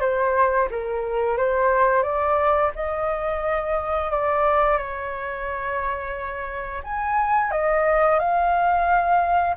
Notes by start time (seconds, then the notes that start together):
0.00 C5
0.71 A#4
1.37 C5
2.03 D5
2.75 D#5
4.11 D5
4.78 C#5
6.83 G#5
7.51 D#5
8.19 F5